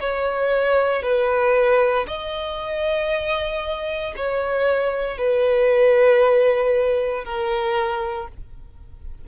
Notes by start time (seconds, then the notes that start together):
0.00 C#5
1.03 B4
2.07 D#5
4.16 C#5
5.18 B4
7.24 A#4